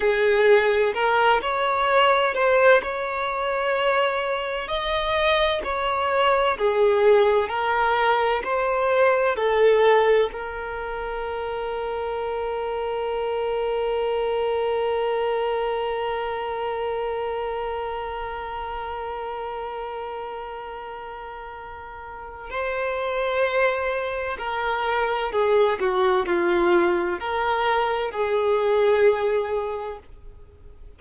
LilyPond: \new Staff \with { instrumentName = "violin" } { \time 4/4 \tempo 4 = 64 gis'4 ais'8 cis''4 c''8 cis''4~ | cis''4 dis''4 cis''4 gis'4 | ais'4 c''4 a'4 ais'4~ | ais'1~ |
ais'1~ | ais'1 | c''2 ais'4 gis'8 fis'8 | f'4 ais'4 gis'2 | }